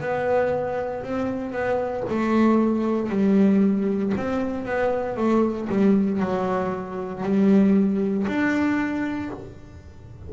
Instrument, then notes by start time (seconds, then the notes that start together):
double bass
0.00 B3
1.03 C4
1.52 B3
2.09 A3
3.09 G3
4.17 C4
4.65 B3
5.17 A3
5.69 G3
6.20 F#3
7.23 G3
8.27 D4